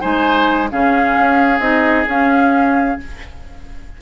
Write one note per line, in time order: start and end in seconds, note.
0.00 0.72 G#3
0.00 0.69 D#4
0.00 0.69 C5
0.00 0.69 G#5
0.70 1.17 C#3
0.70 1.60 C#4
0.70 3.01 G#4
0.70 1.60 F5
1.18 1.59 C#4
1.59 2.05 C4
1.59 2.06 D#4
1.59 2.06 D#5
2.06 2.98 C#4
2.06 3.00 F5